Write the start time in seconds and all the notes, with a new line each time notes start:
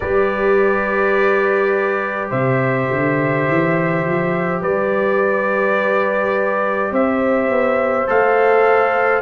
0.00 G3 G4 B4 D5
2.29 C3 C5 E5
2.91 D3
3.48 E3
4.05 F3
4.61 G3 B4 D5
6.91 C4 C5 E5
7.49 B3
8.07 A3 A4 F5